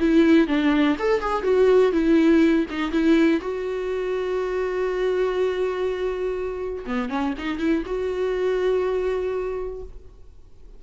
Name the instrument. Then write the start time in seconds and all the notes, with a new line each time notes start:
viola
0.00 E4
0.47 D4
0.99 A4
1.20 G#4
1.43 F#4
1.92 E4
2.70 D#4
2.91 E4
3.41 F#4
6.86 B3
7.09 C#4
7.38 D#4
7.59 E4
7.86 F#4